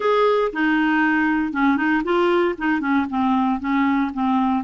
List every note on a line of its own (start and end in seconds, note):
0.00 0.51 G#4
0.52 1.52 D#4
1.52 1.76 C#4
1.76 2.02 D#4
2.03 2.55 F4
2.58 2.80 D#4
2.80 3.05 C#4
3.09 3.60 C4
3.60 4.11 C#4
4.13 4.64 C4